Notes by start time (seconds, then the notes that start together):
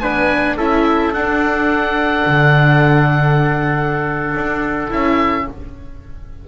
0.00 B3 D4 B4 G#5
0.56 C#4 E4 A4 E5
1.12 D4 F#5
2.25 D3
4.35 D4
4.88 C#4 E4 E5